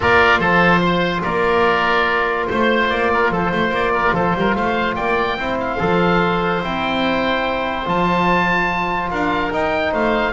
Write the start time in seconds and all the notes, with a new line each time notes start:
0.00 A#3 F4 A#4 D5
0.39 F3 A4 C5
0.80 C5
1.23 A#3 A#4 D5
2.46 A3 C5
2.89 A#3 D5
3.13 A#4
3.30 F3 A4 C5
3.51 A3 C5
3.70 A#3 D5
3.93 A#4
4.12 F3 A4 C5
4.35 G3 A#4
4.55 A3 C5 F5
4.95 A#3 D5 G5
5.36 C4 E4 C5
5.59 F5
5.79 F3 A4
6.62 C4 E4 G5
7.84 F3 F4 A5
9.10 D4 A#4 F5
9.51 D#4 G5
9.91 A3 C5 F5